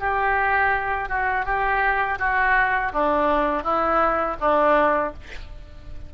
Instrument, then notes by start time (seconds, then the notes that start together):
oboe
0.00 G4
1.09 F#4
1.46 G4
2.19 F#4
2.93 D4
3.64 E4
4.41 D4